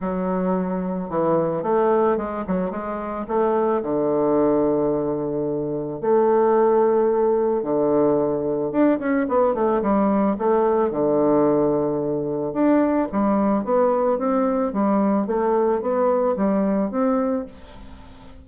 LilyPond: \new Staff \with { instrumentName = "bassoon" } { \time 4/4 \tempo 4 = 110 fis2 e4 a4 | gis8 fis8 gis4 a4 d4~ | d2. a4~ | a2 d2 |
d'8 cis'8 b8 a8 g4 a4 | d2. d'4 | g4 b4 c'4 g4 | a4 b4 g4 c'4 | }